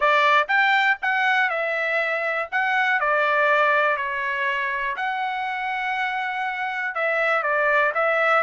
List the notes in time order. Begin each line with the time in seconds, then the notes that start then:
0.00 D5
0.47 G5
1.02 F#5
1.49 E5
2.51 F#5
3.00 D5
3.96 C#5
4.96 F#5
6.94 E5
7.42 D5
7.94 E5